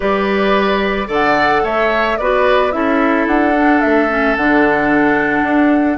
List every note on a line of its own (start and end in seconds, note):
0.00 1.08 G3
0.00 1.07 G4
0.00 1.07 B4
0.00 1.09 D5
1.07 1.63 D3
1.07 2.16 A4
1.07 1.62 D5
1.07 1.65 F#5
1.63 2.17 A3
1.63 2.18 C#5
1.63 2.17 E5
2.17 2.73 B3
2.17 2.71 F#4
2.17 2.73 B4
2.17 2.71 D5
2.71 3.26 C#4
2.71 3.53 E4
2.71 5.97 A4
2.71 3.26 E5
3.26 3.81 D4
3.26 3.81 F#5
3.55 4.09 D4
3.81 4.36 A3
3.81 4.35 E5
4.09 4.36 C#4
4.36 5.42 D3
4.36 5.97 D4
4.36 5.97 F#5
5.42 5.97 D4